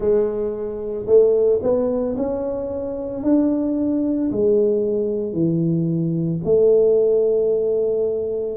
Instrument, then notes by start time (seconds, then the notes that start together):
tuba
0.00 G#3
1.06 A3
1.62 B3
2.16 C#4
3.23 D4
4.31 G#3
5.33 E3
6.44 A3